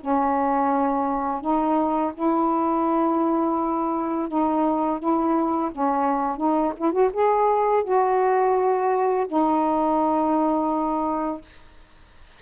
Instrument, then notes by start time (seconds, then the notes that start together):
saxophone
0.00 C#4
1.41 D#4
2.14 E4
4.28 D#4
5.00 E4
5.71 C#4
6.37 D#4
6.77 E4
6.93 F#4
7.13 G#4
7.84 F#4
9.27 D#4